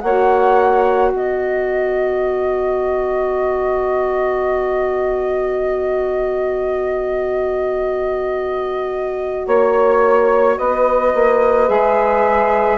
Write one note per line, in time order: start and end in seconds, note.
0.00 1.11 A#3
0.00 11.67 F#4
0.00 1.11 C#5
0.00 1.11 F#5
1.11 9.45 B3
1.11 9.44 B4
1.11 9.47 D#5
9.45 10.57 A#3
9.45 10.56 C#5
9.45 10.58 C#5
10.58 11.14 B3
10.58 12.78 B4
10.58 11.69 D#5
11.14 11.69 A#3
11.67 12.78 G#3
11.67 12.78 G#4
11.67 12.78 E5